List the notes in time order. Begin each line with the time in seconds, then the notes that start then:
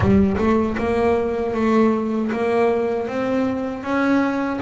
0.00 G3
0.37 A3
0.77 A#3
1.54 A3
2.32 A#3
3.07 C4
3.83 C#4